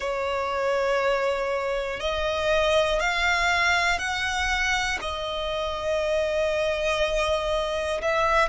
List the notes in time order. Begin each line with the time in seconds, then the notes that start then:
0.00 C#5
2.00 D#5
3.00 F5
3.98 F#5
5.00 D#5
8.01 E5